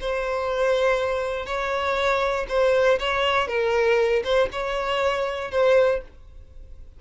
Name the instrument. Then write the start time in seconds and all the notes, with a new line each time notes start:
violin
0.00 C5
1.45 C#5
2.48 C5
2.99 C#5
3.47 A#4
4.23 C5
4.52 C#5
5.50 C5